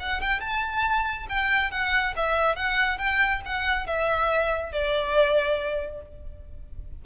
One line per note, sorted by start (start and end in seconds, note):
0.00 0.21 F#5
0.21 0.41 G5
0.41 1.27 A5
1.29 1.71 G5
1.71 2.14 F#5
2.16 2.56 E5
2.56 2.98 F#5
2.98 3.42 G5
3.46 3.87 F#5
3.87 4.73 E5
4.73 6.02 D5